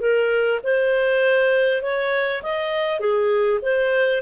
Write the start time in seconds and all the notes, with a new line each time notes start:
0.00 A#4
0.64 C5
1.82 C#5
2.43 D#5
3.00 G#4
3.62 C5